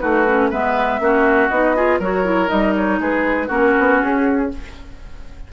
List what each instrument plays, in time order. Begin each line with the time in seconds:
0.00 bassoon A3, clarinet D#4, oboe F#4, flute B4
0.28 clarinet C#4
0.50 bassoon G#3, clarinet B3, oboe B4, flute E5
1.00 bassoon A#3, clarinet C#4, oboe F#4
1.49 bassoon B3, clarinet D#4, flute D#5
1.76 clarinet F4, oboe G#4
2.00 bassoon F#3, clarinet F#4, oboe A#4, flute C#5
2.25 clarinet E4
2.47 bassoon G3, clarinet D#4, flute D#5
2.76 flute C#5
3.00 bassoon G#3, oboe G#4, flute B4
3.48 bassoon A#3, clarinet C#4, oboe F#4, flute A#4
3.79 bassoon B3
4.02 bassoon C#4, flute G#4